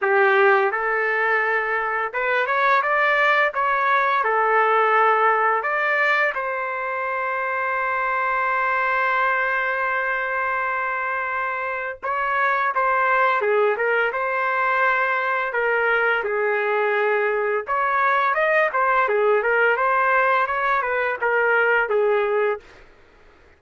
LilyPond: \new Staff \with { instrumentName = "trumpet" } { \time 4/4 \tempo 4 = 85 g'4 a'2 b'8 cis''8 | d''4 cis''4 a'2 | d''4 c''2.~ | c''1~ |
c''4 cis''4 c''4 gis'8 ais'8 | c''2 ais'4 gis'4~ | gis'4 cis''4 dis''8 c''8 gis'8 ais'8 | c''4 cis''8 b'8 ais'4 gis'4 | }